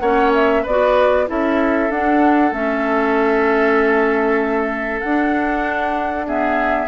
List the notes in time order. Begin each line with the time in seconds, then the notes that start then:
0.00 A#3 C#4 C#5 F#5
0.34 E5
0.63 B3 B4 D5
0.70 F#4
1.27 C#4 E4 A4 E5
1.90 D4 F#5
2.52 A3 C#4 E5
5.00 D4 F#5
5.07 D4
6.27 B3 G#4 E5